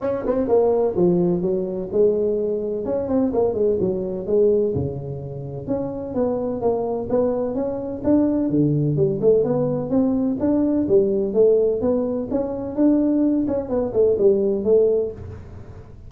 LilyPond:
\new Staff \with { instrumentName = "tuba" } { \time 4/4 \tempo 4 = 127 cis'8 c'8 ais4 f4 fis4 | gis2 cis'8 c'8 ais8 gis8 | fis4 gis4 cis2 | cis'4 b4 ais4 b4 |
cis'4 d'4 d4 g8 a8 | b4 c'4 d'4 g4 | a4 b4 cis'4 d'4~ | d'8 cis'8 b8 a8 g4 a4 | }